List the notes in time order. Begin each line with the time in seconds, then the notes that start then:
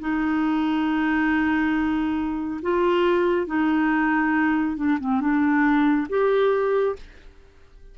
0.00 D#4
2.63 F4
3.47 D#4
4.77 D4
5.01 C4
5.21 D4
6.09 G4